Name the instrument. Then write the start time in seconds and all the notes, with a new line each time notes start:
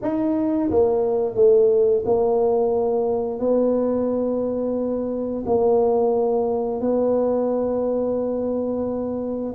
tuba
0.02 D#4
0.70 A#3
1.35 A3
2.05 A#3
3.39 B3
5.45 A#3
6.80 B3